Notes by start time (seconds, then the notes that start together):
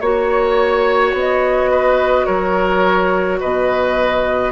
0.00 A#3 F#4 C#5
1.13 B3 D#5
1.71 B4
2.25 F#3 A#4 C#5
3.40 B2 B4 D#5